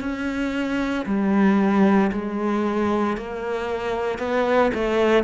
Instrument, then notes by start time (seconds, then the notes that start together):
cello
0.00 C#4
1.06 G3
2.12 G#3
3.17 A#3
4.19 B3
4.74 A3